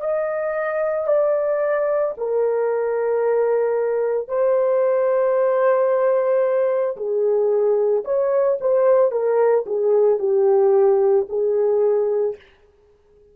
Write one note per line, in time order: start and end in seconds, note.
0.00 1.07 D#5
1.07 2.14 D5
2.18 4.29 A#4
4.29 6.96 C5
6.96 8.04 G#4
8.05 8.58 C#5
8.61 9.12 C5
9.12 9.65 A#4
9.66 10.19 G#4
10.19 11.26 G4
11.29 12.36 G#4